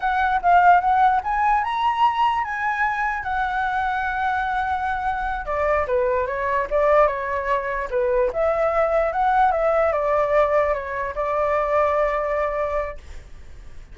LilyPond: \new Staff \with { instrumentName = "flute" } { \time 4/4 \tempo 4 = 148 fis''4 f''4 fis''4 gis''4 | ais''2 gis''2 | fis''1~ | fis''4. d''4 b'4 cis''8~ |
cis''8 d''4 cis''2 b'8~ | b'8 e''2 fis''4 e''8~ | e''8 d''2 cis''4 d''8~ | d''1 | }